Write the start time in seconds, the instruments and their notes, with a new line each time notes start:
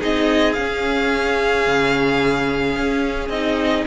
0.00 cello C4, viola D#4, violin G#4 D#5
0.54 cello C#4, viola C#4, violin F5
1.67 cello C#3
2.77 cello C#4
3.29 cello C4, viola D#4, violin D#5